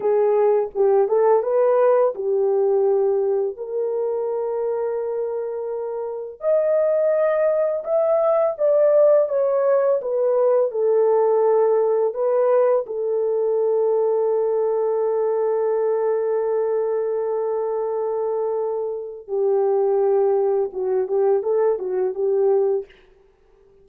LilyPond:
\new Staff \with { instrumentName = "horn" } { \time 4/4 \tempo 4 = 84 gis'4 g'8 a'8 b'4 g'4~ | g'4 ais'2.~ | ais'4 dis''2 e''4 | d''4 cis''4 b'4 a'4~ |
a'4 b'4 a'2~ | a'1~ | a'2. g'4~ | g'4 fis'8 g'8 a'8 fis'8 g'4 | }